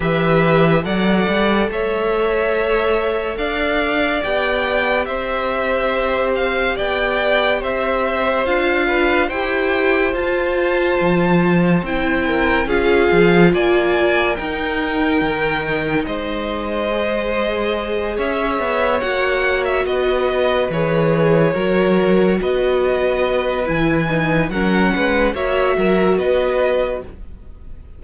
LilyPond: <<
  \new Staff \with { instrumentName = "violin" } { \time 4/4 \tempo 4 = 71 e''4 fis''4 e''2 | f''4 g''4 e''4. f''8 | g''4 e''4 f''4 g''4 | a''2 g''4 f''4 |
gis''4 g''2 dis''4~ | dis''4. e''4 fis''8. e''16 dis''8~ | dis''8 cis''2 dis''4. | gis''4 fis''4 e''4 dis''4 | }
  \new Staff \with { instrumentName = "violin" } { \time 4/4 b'4 d''4 cis''2 | d''2 c''2 | d''4 c''4. b'8 c''4~ | c''2~ c''8 ais'8 gis'4 |
d''4 ais'2 c''4~ | c''4. cis''2 b'8~ | b'4. ais'4 b'4.~ | b'4 ais'8 b'8 cis''8 ais'8 b'4 | }
  \new Staff \with { instrumentName = "viola" } { \time 4/4 g'4 a'2.~ | a'4 g'2.~ | g'2 f'4 g'4 | f'2 e'4 f'4~ |
f'4 dis'2. | gis'2~ gis'8 fis'4.~ | fis'8 gis'4 fis'2~ fis'8 | e'8 dis'8 cis'4 fis'2 | }
  \new Staff \with { instrumentName = "cello" } { \time 4/4 e4 fis8 g8 a2 | d'4 b4 c'2 | b4 c'4 d'4 e'4 | f'4 f4 c'4 cis'8 f8 |
ais4 dis'4 dis4 gis4~ | gis4. cis'8 b8 ais4 b8~ | b8 e4 fis4 b4. | e4 fis8 gis8 ais8 fis8 b4 | }
>>